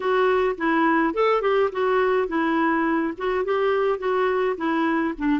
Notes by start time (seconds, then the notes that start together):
0.00 F#4
0.57 E4
1.14 A4
1.41 G4
1.72 F#4
2.28 E4
3.17 F#4
3.44 G4
3.98 F#4
4.57 E4
5.17 D4